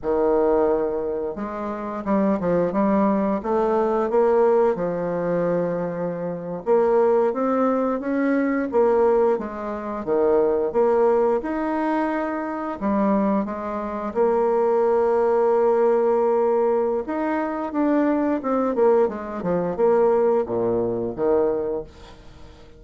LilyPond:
\new Staff \with { instrumentName = "bassoon" } { \time 4/4 \tempo 4 = 88 dis2 gis4 g8 f8 | g4 a4 ais4 f4~ | f4.~ f16 ais4 c'4 cis'16~ | cis'8. ais4 gis4 dis4 ais16~ |
ais8. dis'2 g4 gis16~ | gis8. ais2.~ ais16~ | ais4 dis'4 d'4 c'8 ais8 | gis8 f8 ais4 ais,4 dis4 | }